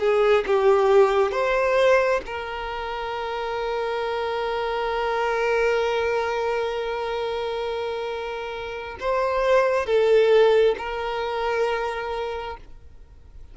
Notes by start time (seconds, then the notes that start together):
0.00 G#4
0.47 G4
1.32 C5
2.26 A#4
9.01 C5
9.86 A4
10.78 A#4